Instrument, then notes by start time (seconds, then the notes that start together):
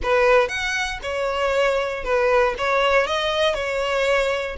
violin
0.03 B4
0.48 F#5
1.02 C#5
2.04 B4
2.58 C#5
3.06 D#5
3.54 C#5